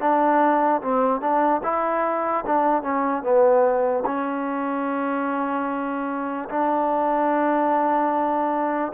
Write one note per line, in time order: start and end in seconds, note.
0.00 0.81 D4
0.82 1.21 C4
1.21 1.61 D4
1.63 2.44 E4
2.46 2.82 D4
2.82 3.23 C#4
3.23 4.04 B3
4.06 6.49 C#4
6.49 8.93 D4